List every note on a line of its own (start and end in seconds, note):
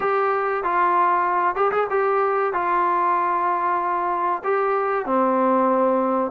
0.00 0.63 G4
0.63 1.55 F4
1.55 1.71 G4
1.71 1.87 G#4
1.90 2.53 G4
2.53 4.42 F4
4.44 5.05 G4
5.05 6.31 C4